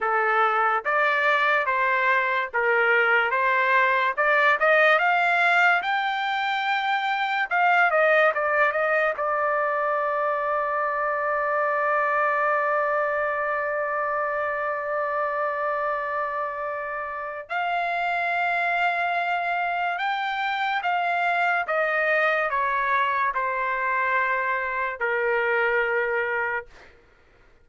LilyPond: \new Staff \with { instrumentName = "trumpet" } { \time 4/4 \tempo 4 = 72 a'4 d''4 c''4 ais'4 | c''4 d''8 dis''8 f''4 g''4~ | g''4 f''8 dis''8 d''8 dis''8 d''4~ | d''1~ |
d''1~ | d''4 f''2. | g''4 f''4 dis''4 cis''4 | c''2 ais'2 | }